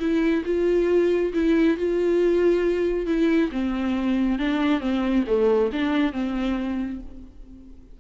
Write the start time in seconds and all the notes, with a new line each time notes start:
0.00 E4
0.45 F4
1.34 E4
1.77 F4
3.07 E4
3.52 C4
4.39 D4
4.81 C4
5.27 A3
5.72 D4
6.13 C4